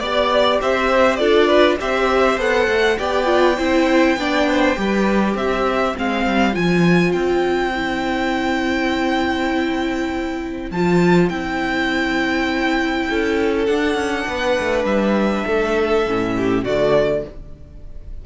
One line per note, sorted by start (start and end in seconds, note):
0.00 0.61 B3
0.00 1.20 G4
0.00 0.59 D5
0.00 0.60 D5
0.62 1.20 C4
0.62 1.20 C5
0.62 1.17 E5
1.17 1.79 D4
1.17 1.79 F4
1.17 1.48 A4
1.17 1.76 D5
1.48 1.78 B4
1.80 2.38 C4
1.80 2.38 G4
1.80 2.98 C5
1.80 2.40 E5
2.38 2.68 B3
2.38 2.98 A4
2.38 2.99 F#5
2.68 2.98 A3
2.98 3.59 B3
2.98 3.26 G4
2.98 3.57 D5
2.98 5.37 G5
3.26 3.56 F4
3.58 4.17 C4
3.58 4.18 E4
3.58 4.17 C5
4.17 4.76 B3
4.17 4.76 D4
4.17 4.49 D5
4.50 4.80 C5
4.76 5.35 G3
4.76 5.95 G4
4.76 5.35 B4
5.35 5.94 C4
5.35 13.08 C5
5.35 5.97 E5
5.96 6.26 G#3
5.96 6.53 C4
5.96 6.55 F5
6.26 6.56 G3
6.53 7.15 F3
6.53 7.71 F4
6.53 7.13 G#5
7.13 10.71 C4
7.13 10.69 G5
7.75 10.72 E4
10.71 11.30 F3
10.71 11.31 F4
10.71 11.29 A5
11.29 13.08 C4
11.29 13.69 E4
11.29 13.66 G5
13.10 13.69 C#4
13.10 14.27 A4
13.66 13.95 D4
13.66 16.07 D4
13.66 14.85 F#5
13.95 14.25 C#4
14.27 14.58 B3
14.27 15.45 B4
14.60 14.85 A3
14.85 15.45 G3
14.85 16.64 E5
15.45 16.07 A3
15.45 16.34 A4
16.07 16.65 A2
16.07 16.67 C#4
16.37 16.64 G4
16.64 17.25 D3
16.64 17.26 A3
16.64 17.24 F#4
16.64 17.24 D5